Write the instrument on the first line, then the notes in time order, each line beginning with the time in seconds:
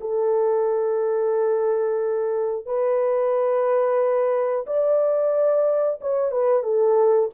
horn
0.00 A4
2.65 B4
4.66 D5
6.01 C#5
6.31 B4
6.63 A4